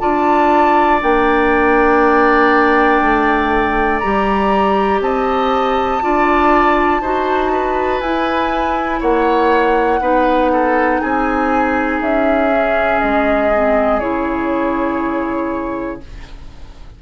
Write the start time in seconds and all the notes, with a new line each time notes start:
0.00 D4 F4 D5 A5
1.02 A#3 D4 G5
3.02 A3
4.00 G3 G4 A#5
5.01 C4 D#5 A5
6.02 D4 F4 D5
7.01 D#4 F#4 C5
7.52 B4
8.01 E4 G#5
9.00 A#3 C#5 F#5
10.01 B3 D#4 B4
10.53 A4
11.01 C4 G#4 G#5
12.01 C#4 E5
12.53 C#4
13.01 G#3 D#5
13.55 C4
14.00 C#3 E4 C#5